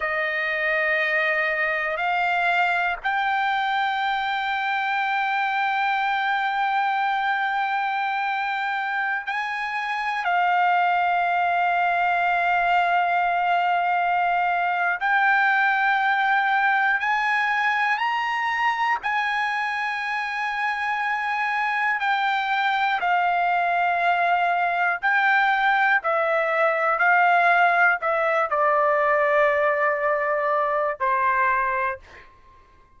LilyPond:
\new Staff \with { instrumentName = "trumpet" } { \time 4/4 \tempo 4 = 60 dis''2 f''4 g''4~ | g''1~ | g''4~ g''16 gis''4 f''4.~ f''16~ | f''2. g''4~ |
g''4 gis''4 ais''4 gis''4~ | gis''2 g''4 f''4~ | f''4 g''4 e''4 f''4 | e''8 d''2~ d''8 c''4 | }